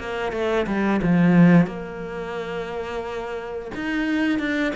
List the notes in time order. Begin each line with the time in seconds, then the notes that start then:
0.00 A#3
0.33 A3
0.67 G3
1.03 F3
1.67 A#3
3.76 D#4
4.39 D4